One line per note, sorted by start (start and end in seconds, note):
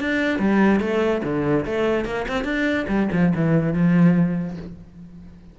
0.00 0.39 D4
0.39 0.80 G3
0.80 1.22 A3
1.23 1.65 D3
1.65 2.05 A3
2.05 2.26 A#3
2.28 2.44 C4
2.44 2.86 D4
2.88 3.09 G3
3.12 3.33 F3
3.35 3.73 E3
3.73 4.57 F3